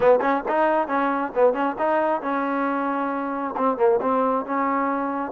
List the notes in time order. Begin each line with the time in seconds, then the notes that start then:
0.00 B3
0.21 C#4
0.48 D#4
0.87 C#4
1.34 B3
1.53 C#4
1.78 D#4
2.21 C#4
3.56 C4
3.77 A#3
4.01 C4
4.45 C#4